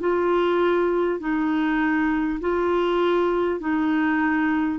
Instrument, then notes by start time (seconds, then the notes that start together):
clarinet
0.00 F4
1.19 D#4
2.41 F4
3.60 D#4